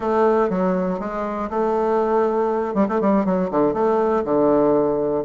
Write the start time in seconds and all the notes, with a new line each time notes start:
0.00 A3
0.49 F#3
0.99 G#3
1.50 A3
2.74 G3
2.88 A3
3.00 G3
3.25 F#3
3.50 D3
3.73 A3
4.24 D3